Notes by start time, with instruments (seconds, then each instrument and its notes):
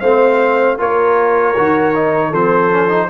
0.00 tuba A3, trombone C4, horn C5, trumpet F5
0.78 tuba A#3, trombone F4, horn A#4, trumpet C#5
1.57 tuba D#3, trombone F#4
1.95 trombone D#4
2.30 tuba F3, trombone C4, horn A4, trumpet C5
2.71 trombone C#4
2.89 trombone D#4